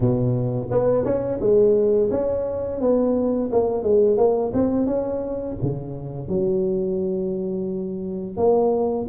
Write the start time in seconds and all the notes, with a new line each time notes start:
0.00 B2
0.70 B3
1.05 C#4
1.40 G#3
2.11 C#4
2.80 B3
3.52 A#3
3.83 G#3
4.17 A#3
4.53 C4
4.86 C#4
5.62 C#3
6.28 F#3
8.36 A#3